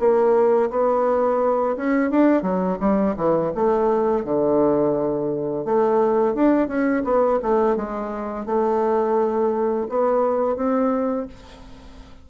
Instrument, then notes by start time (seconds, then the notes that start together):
bassoon
0.00 A#3
0.71 B3
1.77 C#4
2.11 D4
2.43 F#3
2.80 G3
3.17 E3
3.56 A3
4.25 D3
5.66 A3
6.35 D4
6.68 C#4
7.05 B3
7.43 A3
7.76 G#3
8.46 A3
9.90 B3
10.57 C4